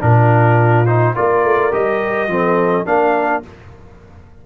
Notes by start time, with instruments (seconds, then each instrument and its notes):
0.00 tuba A#2, trombone D4, horn F4, trumpet A#4
0.86 trombone D#4, trumpet C5
1.15 tuba A#3, trombone F4, horn A#4, trumpet D5
1.44 tuba A3
1.71 tuba G3, trombone G4, trumpet D#5
2.27 tuba F3, trombone C4, horn A4
2.85 tuba A#3, trombone D4, horn A#4, trumpet F5